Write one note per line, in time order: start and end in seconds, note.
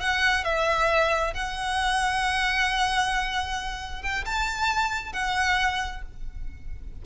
0.00 0.44 F#5
0.44 1.34 E5
1.34 4.03 F#5
4.03 4.25 G5
4.25 5.13 A5
5.13 6.02 F#5